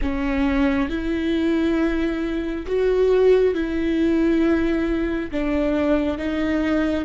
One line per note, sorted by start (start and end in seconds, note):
0.01 0.89 C#4
0.89 2.66 E4
2.66 3.54 F#4
3.54 5.31 E4
5.31 6.18 D4
6.18 7.05 D#4